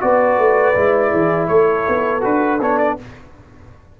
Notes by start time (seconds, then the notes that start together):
0.00 B3 F#4 B4 D5
0.38 A3
0.75 G#3 E4
1.12 E3 G#4
1.47 A3 A4 C#5
1.88 B3
2.21 D4 F#4 B4
2.60 B3 D4 C#5
2.78 D5